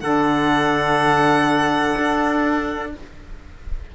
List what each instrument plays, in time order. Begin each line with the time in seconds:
0.00 cello D3, saxophone D4, trumpet A4, violin F#5
1.99 cello D4